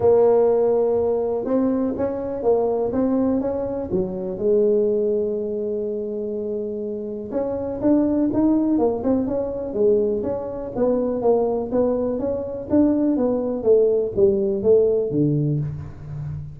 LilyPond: \new Staff \with { instrumentName = "tuba" } { \time 4/4 \tempo 4 = 123 ais2. c'4 | cis'4 ais4 c'4 cis'4 | fis4 gis2.~ | gis2. cis'4 |
d'4 dis'4 ais8 c'8 cis'4 | gis4 cis'4 b4 ais4 | b4 cis'4 d'4 b4 | a4 g4 a4 d4 | }